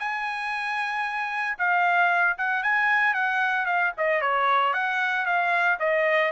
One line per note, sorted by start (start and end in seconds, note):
0.00 1.58 G#5
1.59 2.38 F5
2.38 2.63 F#5
2.63 3.14 G#5
3.14 3.66 F#5
3.66 3.92 F5
3.98 4.22 D#5
4.22 4.74 C#5
4.74 5.26 F#5
5.26 5.79 F5
5.80 6.32 D#5